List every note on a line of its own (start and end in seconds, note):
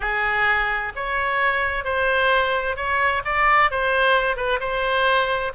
0.00 0.92 G#4
0.95 1.84 C#5
1.84 2.76 C5
2.76 3.22 C#5
3.24 3.70 D5
3.70 4.36 C5
4.36 4.59 B4
4.60 5.52 C5